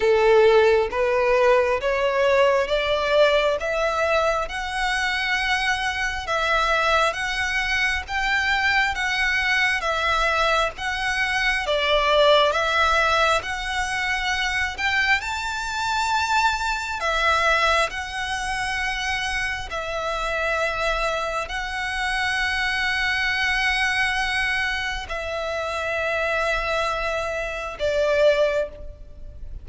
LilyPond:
\new Staff \with { instrumentName = "violin" } { \time 4/4 \tempo 4 = 67 a'4 b'4 cis''4 d''4 | e''4 fis''2 e''4 | fis''4 g''4 fis''4 e''4 | fis''4 d''4 e''4 fis''4~ |
fis''8 g''8 a''2 e''4 | fis''2 e''2 | fis''1 | e''2. d''4 | }